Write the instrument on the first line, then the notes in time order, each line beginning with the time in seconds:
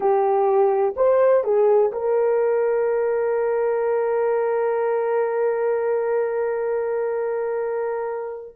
horn
0.00 G4
0.96 C5
1.43 G#4
1.92 A#4